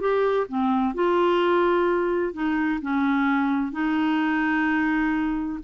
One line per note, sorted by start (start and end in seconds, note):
0.00 0.47 G4
0.48 0.94 C4
0.94 2.33 F4
2.33 2.80 D#4
2.81 3.72 C#4
3.72 5.59 D#4